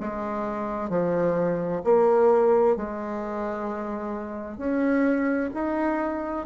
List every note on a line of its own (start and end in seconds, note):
0.00 0.90 G#3
0.90 1.82 F3
1.84 2.76 A#3
2.77 4.57 G#3
4.57 5.50 C#4
5.54 6.46 D#4